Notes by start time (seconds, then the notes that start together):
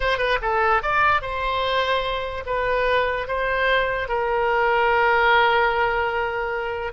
0.00 C5
0.17 B4
0.41 A4
0.82 D5
1.21 C5
2.45 B4
3.27 C5
4.08 A#4